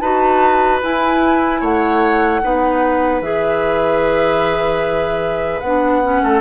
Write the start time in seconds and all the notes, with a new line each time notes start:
0.00 D#4 F#4 B4 A5
0.83 E4 G#5
1.61 A3 C#5 F#5
2.43 B3 D#4 B4
3.21 E3 G#4 E5
5.60 B3 D4 F#5
6.03 C#4
6.23 A3 A4